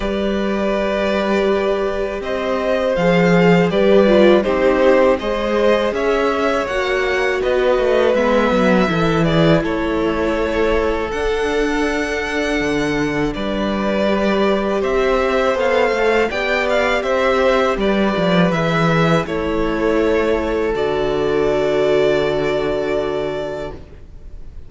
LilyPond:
<<
  \new Staff \with { instrumentName = "violin" } { \time 4/4 \tempo 4 = 81 d''2. dis''4 | f''4 d''4 c''4 dis''4 | e''4 fis''4 dis''4 e''4~ | e''8 d''8 cis''2 fis''4~ |
fis''2 d''2 | e''4 f''4 g''8 f''8 e''4 | d''4 e''4 cis''2 | d''1 | }
  \new Staff \with { instrumentName = "violin" } { \time 4/4 b'2. c''4~ | c''4 b'4 g'4 c''4 | cis''2 b'2 | a'8 gis'8 a'2.~ |
a'2 b'2 | c''2 d''4 c''4 | b'2 a'2~ | a'1 | }
  \new Staff \with { instrumentName = "viola" } { \time 4/4 g'1 | gis'4 g'8 f'8 dis'4 gis'4~ | gis'4 fis'2 b4 | e'2. d'4~ |
d'2. g'4~ | g'4 a'4 g'2~ | g'4 gis'4 e'2 | fis'1 | }
  \new Staff \with { instrumentName = "cello" } { \time 4/4 g2. c'4 | f4 g4 c'4 gis4 | cis'4 ais4 b8 a8 gis8 fis8 | e4 a2 d'4~ |
d'4 d4 g2 | c'4 b8 a8 b4 c'4 | g8 f8 e4 a2 | d1 | }
>>